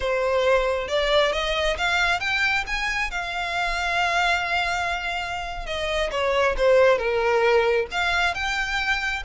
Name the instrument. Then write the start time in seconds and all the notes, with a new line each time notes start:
violin
0.00 C5
0.88 D5
1.32 D#5
1.77 F5
2.20 G5
2.67 G#5
3.11 F5
5.65 D#5
6.11 C#5
6.57 C5
6.98 A#4
7.91 F5
8.34 G5